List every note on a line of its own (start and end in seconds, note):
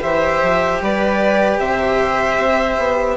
0.00 0.43 E3
0.00 3.16 G4
0.00 0.81 C5
0.00 0.82 E5
0.43 0.81 F3
0.81 1.59 G3
0.81 1.60 B4
0.81 1.60 D5
1.59 2.38 C3
1.59 3.17 C5
1.59 3.17 E5
2.38 2.77 C4
2.78 3.17 B3